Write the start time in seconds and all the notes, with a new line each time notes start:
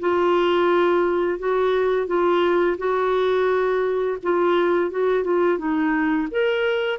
0.00 F4
1.39 F#4
2.07 F4
2.78 F#4
4.23 F4
4.91 F#4
5.24 F4
5.58 D#4
6.31 A#4